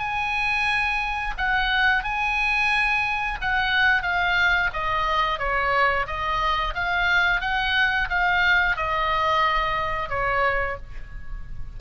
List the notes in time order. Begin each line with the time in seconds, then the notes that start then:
0.00 G#5
1.38 F#5
2.04 G#5
3.42 F#5
4.03 F5
4.73 D#5
5.39 C#5
6.07 D#5
6.75 F5
7.41 F#5
8.10 F5
8.77 D#5
10.10 C#5